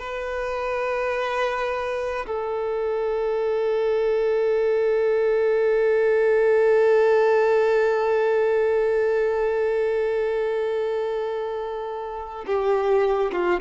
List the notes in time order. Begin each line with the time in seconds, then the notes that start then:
0.00 B4
2.27 A4
12.47 G4
13.33 F4